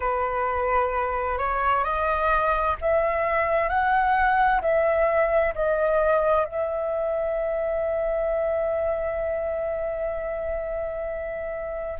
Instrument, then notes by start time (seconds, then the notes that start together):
flute
0.00 B4
1.38 C#5
1.84 D#5
2.81 E5
3.68 F#5
4.61 E5
5.54 D#5
6.44 E5